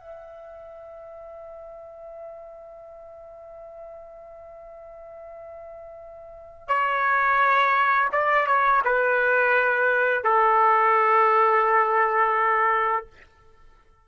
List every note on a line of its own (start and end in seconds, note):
0.00 6.68 E5
6.68 8.09 C#5
8.13 8.47 D5
8.47 8.82 C#5
8.85 10.24 B4
10.24 13.07 A4